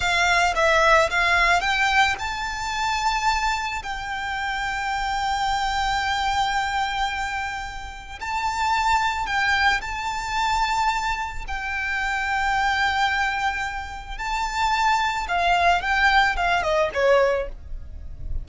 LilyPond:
\new Staff \with { instrumentName = "violin" } { \time 4/4 \tempo 4 = 110 f''4 e''4 f''4 g''4 | a''2. g''4~ | g''1~ | g''2. a''4~ |
a''4 g''4 a''2~ | a''4 g''2.~ | g''2 a''2 | f''4 g''4 f''8 dis''8 cis''4 | }